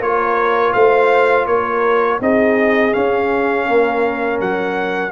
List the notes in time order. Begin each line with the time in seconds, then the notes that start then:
0.00 A#3 F4 A#4 C#5
0.73 A3 C5 F5
1.46 A#3 A#4 C#5
2.20 C4 D#4 G#4 D#5
2.91 C#4 F5
3.65 A#3 A#4
4.40 F#3 F#5